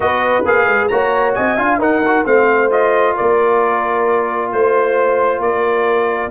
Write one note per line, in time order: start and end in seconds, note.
0.00 0.43 B3
0.00 0.42 F#4
0.00 0.91 B4
0.00 0.45 D#5
0.45 0.66 A#3
0.45 0.90 G#4
0.45 0.88 F5
0.66 0.89 G#3
0.88 1.36 A#3
0.88 1.58 F#4
0.88 1.35 C#5
0.88 1.33 A#5
1.34 1.57 C4
1.34 1.56 D#5
1.34 1.79 G#5
1.56 1.78 D4
1.56 1.80 F4
1.56 1.79 F5
1.78 2.23 D#4
1.78 2.02 D#4
1.78 2.24 A#4
1.78 2.26 F#5
2.06 2.25 F#4
2.24 3.16 A3
2.24 2.70 C4
2.24 3.14 C5
2.24 2.71 F5
2.70 6.30 F4
2.70 3.16 D#5
3.14 4.52 A#3
3.14 4.50 A#4
3.14 4.52 D5
4.52 5.38 A3
4.52 5.41 C5
4.52 5.42 C5
5.38 6.29 A#3
5.38 6.30 A#4
5.38 6.30 D5